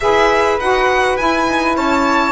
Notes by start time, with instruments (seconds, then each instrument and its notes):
0.00 double bass E4, saxophone G#4, flute B4, violin E5
0.58 double bass D#4, saxophone F#4, violin F#5
1.17 saxophone E4, double bass E4, violin G#5
1.47 double bass D#4
1.75 double bass C#4, flute C#5, violin A5